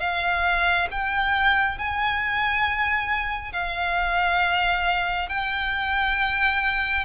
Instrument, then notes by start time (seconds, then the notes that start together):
violin
0.00 F5
0.91 G5
1.78 G#5
3.53 F5
5.29 G5